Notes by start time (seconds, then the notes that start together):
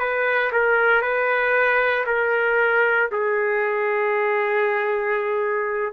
0.00 B4
0.53 A#4
1.02 B4
2.07 A#4
3.12 G#4